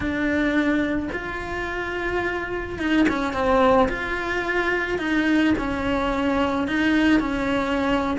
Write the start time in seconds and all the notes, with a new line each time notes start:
0.00 D4
1.12 F4
2.78 D#4
3.08 C#4
3.33 C4
3.88 F4
4.98 D#4
5.58 C#4
6.67 D#4
7.20 C#4